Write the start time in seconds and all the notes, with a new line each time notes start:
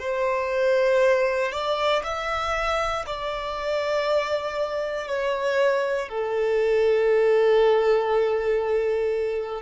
0.00 C5
1.53 D5
2.04 E5
3.07 D5
5.08 C#5
6.09 A4